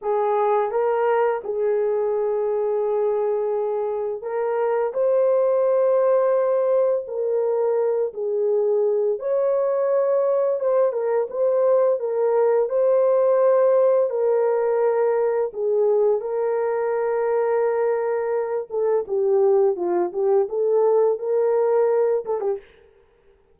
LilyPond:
\new Staff \with { instrumentName = "horn" } { \time 4/4 \tempo 4 = 85 gis'4 ais'4 gis'2~ | gis'2 ais'4 c''4~ | c''2 ais'4. gis'8~ | gis'4 cis''2 c''8 ais'8 |
c''4 ais'4 c''2 | ais'2 gis'4 ais'4~ | ais'2~ ais'8 a'8 g'4 | f'8 g'8 a'4 ais'4. a'16 g'16 | }